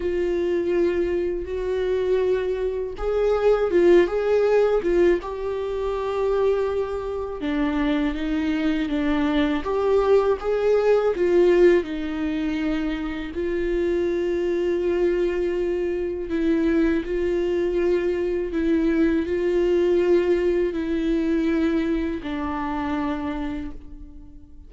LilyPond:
\new Staff \with { instrumentName = "viola" } { \time 4/4 \tempo 4 = 81 f'2 fis'2 | gis'4 f'8 gis'4 f'8 g'4~ | g'2 d'4 dis'4 | d'4 g'4 gis'4 f'4 |
dis'2 f'2~ | f'2 e'4 f'4~ | f'4 e'4 f'2 | e'2 d'2 | }